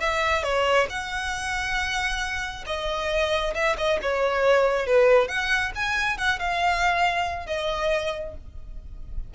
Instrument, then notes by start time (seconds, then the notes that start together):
violin
0.00 E5
0.43 C#5
0.89 F#5
2.66 D#5
3.54 E5
3.77 D#5
4.02 C#5
4.86 B4
5.28 F#5
5.75 G#5
6.18 F#5
6.39 F5
7.46 D#5